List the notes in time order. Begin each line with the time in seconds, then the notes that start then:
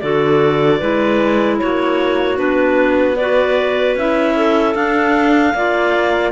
0.00 D3 F#4 A4 D5
0.79 G#3 E4 B4
1.59 A#3 F#4 C#5
2.36 B3 D4 B4
3.17 F#4 B4 D5
3.96 C#4 E4 E5
4.36 A4
4.74 D4 F5
5.54 A#3 F4 D5